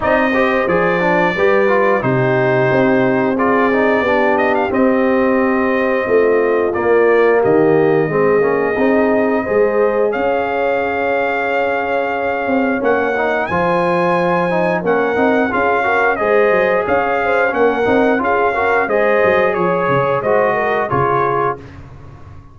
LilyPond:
<<
  \new Staff \with { instrumentName = "trumpet" } { \time 4/4 \tempo 4 = 89 dis''4 d''2 c''4~ | c''4 d''4. dis''16 f''16 dis''4~ | dis''2 d''4 dis''4~ | dis''2. f''4~ |
f''2. fis''4 | gis''2 fis''4 f''4 | dis''4 f''4 fis''4 f''4 | dis''4 cis''4 dis''4 cis''4 | }
  \new Staff \with { instrumentName = "horn" } { \time 4/4 d''8 c''4. b'4 g'4~ | g'4 gis'4 g'2~ | g'4 f'2 g'4 | gis'2 c''4 cis''4~ |
cis''1 | c''2 ais'4 gis'8 ais'8 | c''4 cis''8 c''8 ais'4 gis'8 ais'8 | c''4 cis''4 c''8 ais'8 gis'4 | }
  \new Staff \with { instrumentName = "trombone" } { \time 4/4 dis'8 g'8 gis'8 d'8 g'8 f'8 dis'4~ | dis'4 f'8 dis'8 d'4 c'4~ | c'2 ais2 | c'8 cis'8 dis'4 gis'2~ |
gis'2. cis'8 dis'8 | f'4. dis'8 cis'8 dis'8 f'8 fis'8 | gis'2 cis'8 dis'8 f'8 fis'8 | gis'2 fis'4 f'4 | }
  \new Staff \with { instrumentName = "tuba" } { \time 4/4 c'4 f4 g4 c4 | c'2 b4 c'4~ | c'4 a4 ais4 dis4 | gis8 ais8 c'4 gis4 cis'4~ |
cis'2~ cis'8 c'8 ais4 | f2 ais8 c'8 cis'4 | gis8 fis8 cis'4 ais8 c'8 cis'4 | gis8 fis8 f8 cis8 gis4 cis4 | }
>>